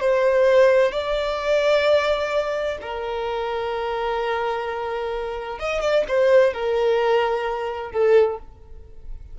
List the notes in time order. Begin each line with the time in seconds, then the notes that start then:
0.00 C5
0.92 D5
2.81 A#4
5.59 D#5
5.81 D5
6.08 C5
6.53 A#4
7.92 A4